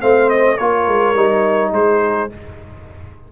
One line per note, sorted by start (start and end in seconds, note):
0.00 0.59 A3
0.00 0.57 C4
0.00 0.57 C5
0.00 0.29 F5
0.29 0.57 D#5
0.57 0.87 A#3
0.57 1.15 F4
0.57 1.71 A#4
0.57 1.72 C#5
0.87 1.15 G#3
1.15 1.72 G3
1.15 2.30 D#4
1.72 2.29 G#3
1.72 2.32 G#4
1.72 2.31 C5